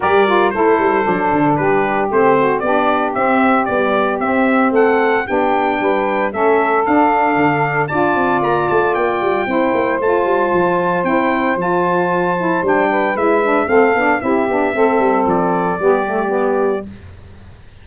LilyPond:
<<
  \new Staff \with { instrumentName = "trumpet" } { \time 4/4 \tempo 4 = 114 d''4 c''2 b'4 | c''4 d''4 e''4 d''4 | e''4 fis''4 g''2 | e''4 f''2 a''4 |
ais''8 a''8 g''2 a''4~ | a''4 g''4 a''2 | g''4 e''4 f''4 e''4~ | e''4 d''2. | }
  \new Staff \with { instrumentName = "saxophone" } { \time 4/4 ais'4 a'2 g'4~ | g'8 fis'8 g'2.~ | g'4 a'4 g'4 b'4 | a'2. d''4~ |
d''2 c''2~ | c''1~ | c''8 b'4. a'4 g'4 | a'2 g'2 | }
  \new Staff \with { instrumentName = "saxophone" } { \time 4/4 g'8 f'8 e'4 d'2 | c'4 d'4 c'4 g4 | c'2 d'2 | cis'4 d'2 f'4~ |
f'2 e'4 f'4~ | f'4 e'4 f'4. e'8 | d'4 e'8 d'8 c'8 d'8 e'8 d'8 | c'2 b8 a8 b4 | }
  \new Staff \with { instrumentName = "tuba" } { \time 4/4 g4 a8 g8 fis8 d8 g4 | a4 b4 c'4 b4 | c'4 a4 b4 g4 | a4 d'4 d4 d'8 c'8 |
ais8 a8 ais8 g8 c'8 ais8 a8 g8 | f4 c'4 f2 | g4 gis4 a8 b8 c'8 b8 | a8 g8 f4 g2 | }
>>